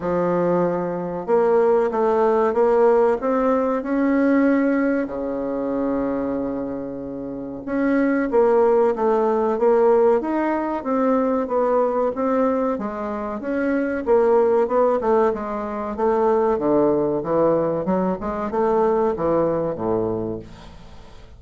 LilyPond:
\new Staff \with { instrumentName = "bassoon" } { \time 4/4 \tempo 4 = 94 f2 ais4 a4 | ais4 c'4 cis'2 | cis1 | cis'4 ais4 a4 ais4 |
dis'4 c'4 b4 c'4 | gis4 cis'4 ais4 b8 a8 | gis4 a4 d4 e4 | fis8 gis8 a4 e4 a,4 | }